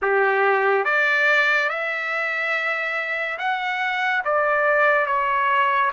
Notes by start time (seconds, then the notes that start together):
0.02 G4
0.85 D5
1.69 E5
3.38 F#5
4.24 D5
5.06 C#5